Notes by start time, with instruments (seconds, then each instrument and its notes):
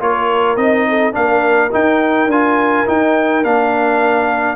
0.00 tuba A#3, trombone F4, horn A#4, trumpet C#5
0.57 tuba C4, trombone D#4, trumpet D#5
0.89 horn A4
1.13 tuba A#3, trombone D4, horn A#4, trumpet F5
1.72 trombone D#4, tuba D#4, trumpet G5
2.27 tuba D4, trombone F4, trumpet G#5
2.86 trombone D#4, tuba D#4, trumpet G5
3.44 tuba A#3, trombone D4, trumpet F5